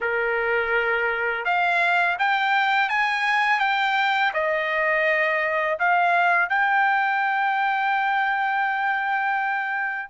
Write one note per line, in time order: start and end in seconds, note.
0.00 1.44 A#4
1.44 2.17 F5
2.18 2.89 G5
2.89 3.59 G#5
3.59 4.31 G5
4.33 5.78 D#5
5.79 6.49 F5
6.49 10.09 G5